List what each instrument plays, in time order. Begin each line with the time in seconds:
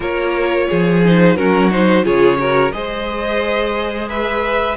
0.00 cello A#3, viola F4, violin A#4 C#5
0.68 cello F3, violin G#4
1.04 viola D#4, violin C5
1.36 cello F#3, viola C#4, violin F#4 A#4
1.71 viola D#4, violin C5
2.03 cello C#3, viola F4, violin G#4 C#5
2.37 viola F#4, violin A#4
2.72 cello G#3, viola G#4, violin C5 D#5
4.08 violin B4 E5